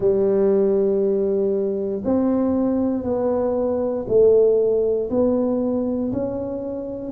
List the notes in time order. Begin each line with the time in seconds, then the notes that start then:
0.00 G3
2.04 C4
3.03 B3
4.07 A3
5.10 B3
6.12 C#4